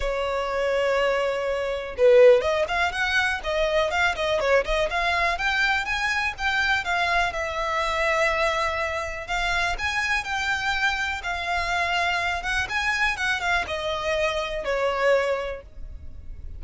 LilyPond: \new Staff \with { instrumentName = "violin" } { \time 4/4 \tempo 4 = 123 cis''1 | b'4 dis''8 f''8 fis''4 dis''4 | f''8 dis''8 cis''8 dis''8 f''4 g''4 | gis''4 g''4 f''4 e''4~ |
e''2. f''4 | gis''4 g''2 f''4~ | f''4. fis''8 gis''4 fis''8 f''8 | dis''2 cis''2 | }